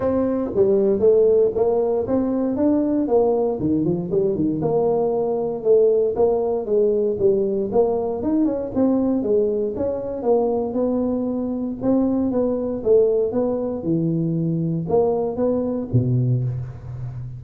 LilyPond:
\new Staff \with { instrumentName = "tuba" } { \time 4/4 \tempo 4 = 117 c'4 g4 a4 ais4 | c'4 d'4 ais4 dis8 f8 | g8 dis8 ais2 a4 | ais4 gis4 g4 ais4 |
dis'8 cis'8 c'4 gis4 cis'4 | ais4 b2 c'4 | b4 a4 b4 e4~ | e4 ais4 b4 b,4 | }